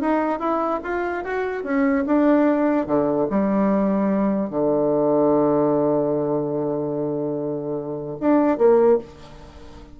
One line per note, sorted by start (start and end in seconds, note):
0.00 0.39 D#4
0.39 0.80 E4
0.83 1.24 F4
1.24 1.63 F#4
1.63 2.04 C#4
2.06 2.86 D4
2.86 3.27 D3
3.30 4.49 G3
4.49 8.17 D3
8.20 8.57 D4
8.57 8.98 A#3